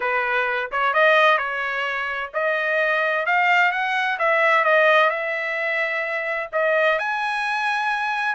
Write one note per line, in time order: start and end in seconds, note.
0.00 0.70 B4
0.71 0.93 C#5
0.93 1.37 D#5
1.37 2.30 C#5
2.33 3.26 D#5
3.26 3.71 F5
3.71 4.18 F#5
4.18 4.64 E5
4.64 5.10 D#5
5.10 6.49 E5
6.52 6.99 D#5
6.99 8.35 G#5